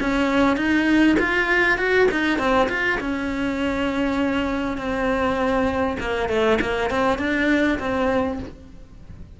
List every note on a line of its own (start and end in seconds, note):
0.00 0.56 C#4
0.56 1.16 D#4
1.19 1.78 F4
1.78 2.08 F#4
2.11 2.38 D#4
2.38 2.68 C4
2.69 2.99 F4
3.00 4.77 C#4
4.77 5.97 C4
6.00 6.29 A#3
6.29 6.59 A3
6.61 6.90 A#3
6.90 7.18 C4
7.18 7.78 D4
7.79 8.39 C4